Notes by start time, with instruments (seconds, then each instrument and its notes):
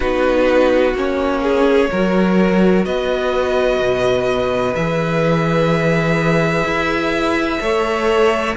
0.00 cello B3, viola D#4, violin F#4 B4
0.93 cello A#3, viola C#4, violin C#5
1.42 violin G#4
1.90 cello F#3, viola F#4, violin A#4
2.85 cello B3, violin B4 D#5
3.79 cello B2
4.75 cello E3, viola G#4, violin E5
6.63 cello E4
7.60 cello A3, viola A4, violin C#5